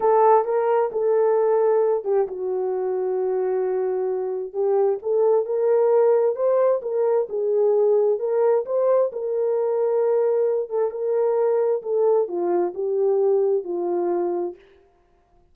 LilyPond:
\new Staff \with { instrumentName = "horn" } { \time 4/4 \tempo 4 = 132 a'4 ais'4 a'2~ | a'8 g'8 fis'2.~ | fis'2 g'4 a'4 | ais'2 c''4 ais'4 |
gis'2 ais'4 c''4 | ais'2.~ ais'8 a'8 | ais'2 a'4 f'4 | g'2 f'2 | }